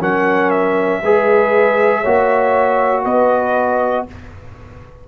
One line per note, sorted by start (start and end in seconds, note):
0.00 1.02 F#3
0.00 1.02 C#4
0.00 1.02 A#4
0.00 0.50 F#5
0.50 3.04 E5
1.02 2.04 G#3
1.02 2.04 G#4
1.02 2.01 B4
2.01 3.05 A#3
2.01 4.08 F#4
2.01 3.02 C#5
3.03 4.06 B3
3.03 4.05 B4
3.03 4.06 D#5